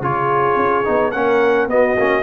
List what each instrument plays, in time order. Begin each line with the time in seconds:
0.00 tuba C#3, trombone F4, horn G#4, trumpet C#5
0.56 tuba C#4
0.84 tuba B3, trombone D#4
1.11 tuba A#3, trombone C#4, horn A#4, trumpet F#5
1.66 tuba B3, trombone B3, horn F#4, trumpet D#5
1.97 tuba A#3, trombone C#4